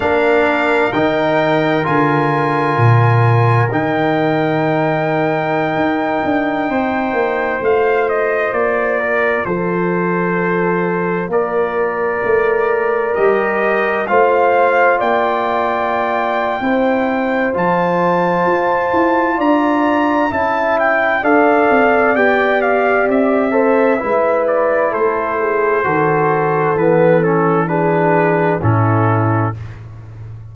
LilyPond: <<
  \new Staff \with { instrumentName = "trumpet" } { \time 4/4 \tempo 4 = 65 f''4 g''4 gis''2 | g''1~ | g''16 f''8 dis''8 d''4 c''4.~ c''16~ | c''16 d''2 dis''4 f''8.~ |
f''16 g''2~ g''8. a''4~ | a''4 ais''4 a''8 g''8 f''4 | g''8 f''8 e''4. d''8 c''4~ | c''4 b'8 a'8 b'4 a'4 | }
  \new Staff \with { instrumentName = "horn" } { \time 4/4 ais'1~ | ais'2.~ ais'16 c''8.~ | c''4.~ c''16 ais'8 a'4.~ a'16~ | a'16 ais'2. c''8.~ |
c''16 d''4.~ d''16 c''2~ | c''4 d''4 e''4 d''4~ | d''4. c''8 b'4 a'8 gis'8 | a'2 gis'4 e'4 | }
  \new Staff \with { instrumentName = "trombone" } { \time 4/4 d'4 dis'4 f'2 | dis'1~ | dis'16 f'2.~ f'8.~ | f'2~ f'16 g'4 f'8.~ |
f'2 e'4 f'4~ | f'2 e'4 a'4 | g'4. a'8 e'2 | fis'4 b8 cis'8 d'4 cis'4 | }
  \new Staff \with { instrumentName = "tuba" } { \time 4/4 ais4 dis4 d4 ais,4 | dis2~ dis16 dis'8 d'8 c'8 ais16~ | ais16 a4 ais4 f4.~ f16~ | f16 ais4 a4 g4 a8.~ |
a16 ais4.~ ais16 c'4 f4 | f'8 e'8 d'4 cis'4 d'8 c'8 | b4 c'4 gis4 a4 | dis4 e2 a,4 | }
>>